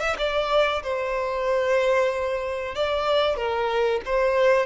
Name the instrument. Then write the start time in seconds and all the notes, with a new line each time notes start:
violin
0.00 E5
0.18 D5
0.83 C5
2.75 D5
3.37 A#4
4.05 C5